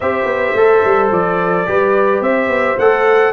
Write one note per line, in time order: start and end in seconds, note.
0.00 0.24 C4
0.00 0.56 G4
0.00 1.68 C5
0.00 1.09 E5
0.24 0.52 B3
0.55 0.83 A3
0.55 1.66 A4
0.84 1.11 G3
1.11 1.66 F3
1.11 2.22 D5
1.66 2.20 G3
1.66 2.77 G4
1.66 2.22 B4
2.20 2.48 C4
2.20 3.32 C5
2.20 2.78 E5
2.48 2.75 B3
2.77 3.32 A3
2.77 3.32 A4
2.77 3.32 F#5